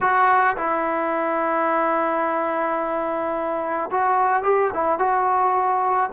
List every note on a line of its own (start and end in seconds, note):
0.01 0.56 F#4
0.56 3.90 E4
3.90 4.43 F#4
4.43 4.70 G4
4.73 4.98 E4
4.98 6.10 F#4